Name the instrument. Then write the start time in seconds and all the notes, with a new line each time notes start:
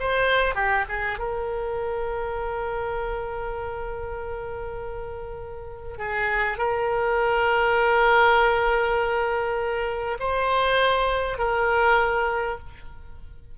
oboe
0.00 C5
0.55 G4
0.89 G#4
1.19 A#4
5.98 G#4
6.58 A#4
10.20 C5
11.39 A#4